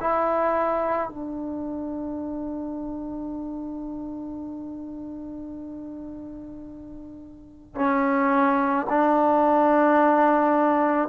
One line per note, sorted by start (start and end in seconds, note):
0.00 1.09 E4
1.09 7.75 D4
7.75 8.86 C#4
8.89 11.09 D4